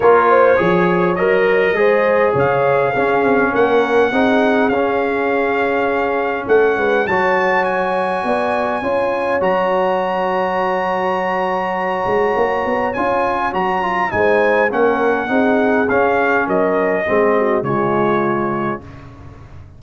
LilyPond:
<<
  \new Staff \with { instrumentName = "trumpet" } { \time 4/4 \tempo 4 = 102 cis''2 dis''2 | f''2 fis''2 | f''2. fis''4 | a''4 gis''2. |
ais''1~ | ais''2 gis''4 ais''4 | gis''4 fis''2 f''4 | dis''2 cis''2 | }
  \new Staff \with { instrumentName = "horn" } { \time 4/4 ais'8 c''8 cis''2 c''4 | cis''4 gis'4 ais'4 gis'4~ | gis'2. a'8 b'8 | cis''2 d''4 cis''4~ |
cis''1~ | cis''1 | c''4 ais'4 gis'2 | ais'4 gis'8 fis'8 f'2 | }
  \new Staff \with { instrumentName = "trombone" } { \time 4/4 f'4 gis'4 ais'4 gis'4~ | gis'4 cis'2 dis'4 | cis'1 | fis'2. f'4 |
fis'1~ | fis'2 f'4 fis'8 f'8 | dis'4 cis'4 dis'4 cis'4~ | cis'4 c'4 gis2 | }
  \new Staff \with { instrumentName = "tuba" } { \time 4/4 ais4 f4 fis4 gis4 | cis4 cis'8 c'8 ais4 c'4 | cis'2. a8 gis8 | fis2 b4 cis'4 |
fis1~ | fis8 gis8 ais8 b8 cis'4 fis4 | gis4 ais4 c'4 cis'4 | fis4 gis4 cis2 | }
>>